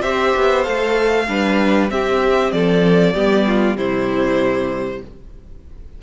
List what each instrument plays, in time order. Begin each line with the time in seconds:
0.00 cello C4, viola G4, violin C5 E5
0.36 cello B3
0.64 cello A3, viola A4, violin F5
1.28 cello G3, viola D4, violin B4
1.89 viola C4, cello C4, violin G4 E5
2.52 cello F3, violin A4 D5
3.14 cello G3, viola B3, violin G4
3.47 violin F4
3.76 cello C3, viola G3, violin E4 C5